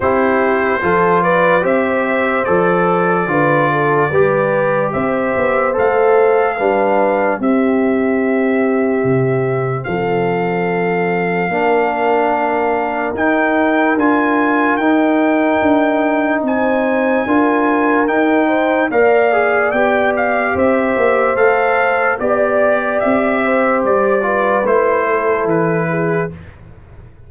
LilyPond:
<<
  \new Staff \with { instrumentName = "trumpet" } { \time 4/4 \tempo 4 = 73 c''4. d''8 e''4 d''4~ | d''2 e''4 f''4~ | f''4 e''2. | f''1 |
g''4 gis''4 g''2 | gis''2 g''4 f''4 | g''8 f''8 e''4 f''4 d''4 | e''4 d''4 c''4 b'4 | }
  \new Staff \with { instrumentName = "horn" } { \time 4/4 g'4 a'8 b'8 c''2 | b'8 a'8 b'4 c''2 | b'4 g'2. | a'2 ais'2~ |
ais'1 | c''4 ais'4. c''8 d''4~ | d''4 c''2 d''4~ | d''8 c''4 b'4 a'4 gis'8 | }
  \new Staff \with { instrumentName = "trombone" } { \time 4/4 e'4 f'4 g'4 a'4 | f'4 g'2 a'4 | d'4 c'2.~ | c'2 d'2 |
dis'4 f'4 dis'2~ | dis'4 f'4 dis'4 ais'8 gis'8 | g'2 a'4 g'4~ | g'4. f'8 e'2 | }
  \new Staff \with { instrumentName = "tuba" } { \time 4/4 c'4 f4 c'4 f4 | d4 g4 c'8 b8 a4 | g4 c'2 c4 | f2 ais2 |
dis'4 d'4 dis'4 d'4 | c'4 d'4 dis'4 ais4 | b4 c'8 ais8 a4 b4 | c'4 g4 a4 e4 | }
>>